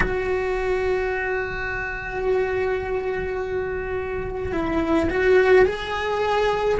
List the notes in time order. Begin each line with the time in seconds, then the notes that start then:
0.00 F#4
4.52 E4
5.09 F#4
5.65 G#4